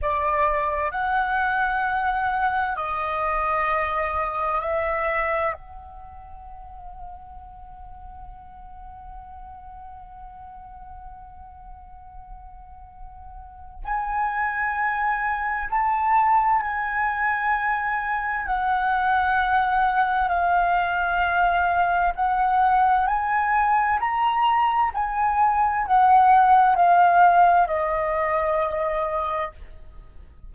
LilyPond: \new Staff \with { instrumentName = "flute" } { \time 4/4 \tempo 4 = 65 d''4 fis''2 dis''4~ | dis''4 e''4 fis''2~ | fis''1~ | fis''2. gis''4~ |
gis''4 a''4 gis''2 | fis''2 f''2 | fis''4 gis''4 ais''4 gis''4 | fis''4 f''4 dis''2 | }